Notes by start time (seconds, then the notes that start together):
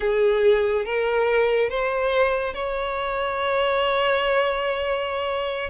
0.00 G#4
0.85 A#4
1.69 C5
2.54 C#5